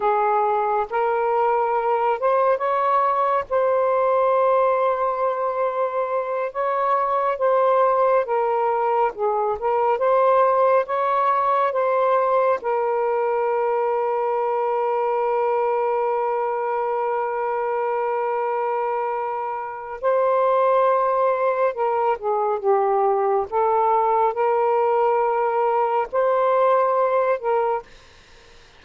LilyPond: \new Staff \with { instrumentName = "saxophone" } { \time 4/4 \tempo 4 = 69 gis'4 ais'4. c''8 cis''4 | c''2.~ c''8 cis''8~ | cis''8 c''4 ais'4 gis'8 ais'8 c''8~ | c''8 cis''4 c''4 ais'4.~ |
ais'1~ | ais'2. c''4~ | c''4 ais'8 gis'8 g'4 a'4 | ais'2 c''4. ais'8 | }